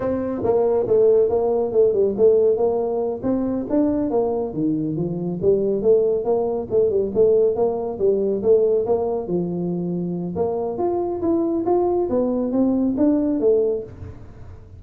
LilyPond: \new Staff \with { instrumentName = "tuba" } { \time 4/4 \tempo 4 = 139 c'4 ais4 a4 ais4 | a8 g8 a4 ais4. c'8~ | c'8 d'4 ais4 dis4 f8~ | f8 g4 a4 ais4 a8 |
g8 a4 ais4 g4 a8~ | a8 ais4 f2~ f8 | ais4 f'4 e'4 f'4 | b4 c'4 d'4 a4 | }